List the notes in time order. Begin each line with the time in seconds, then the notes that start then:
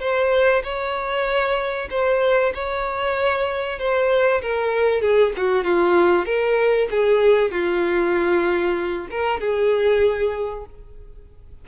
0.00 C5
0.64 C#5
1.90 C5
2.54 C#5
3.79 C5
4.42 A#4
5.01 G#4
5.37 F#4
5.64 F4
6.26 A#4
6.90 G#4
7.51 F4
9.11 A#4
9.40 G#4